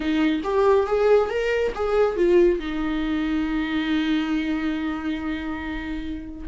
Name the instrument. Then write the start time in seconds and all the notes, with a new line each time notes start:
viola
0.00 D#4
0.43 G4
0.86 G#4
1.29 A#4
1.74 G#4
2.16 F4
2.59 D#4